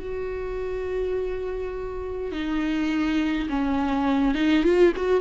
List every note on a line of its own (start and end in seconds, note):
0.00 2.32 F#4
2.32 3.49 D#4
3.50 4.35 C#4
4.35 4.64 D#4
4.64 4.93 F4
4.96 5.21 F#4